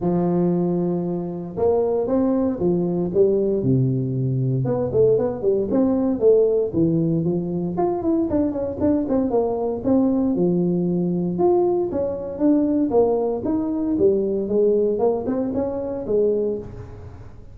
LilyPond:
\new Staff \with { instrumentName = "tuba" } { \time 4/4 \tempo 4 = 116 f2. ais4 | c'4 f4 g4 c4~ | c4 b8 a8 b8 g8 c'4 | a4 e4 f4 f'8 e'8 |
d'8 cis'8 d'8 c'8 ais4 c'4 | f2 f'4 cis'4 | d'4 ais4 dis'4 g4 | gis4 ais8 c'8 cis'4 gis4 | }